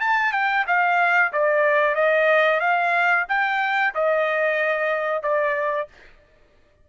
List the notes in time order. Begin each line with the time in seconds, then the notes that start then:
0.00 A5
0.32 G5
0.67 F5
1.32 D5
1.95 D#5
2.60 F5
3.28 G5
3.94 D#5
5.23 D5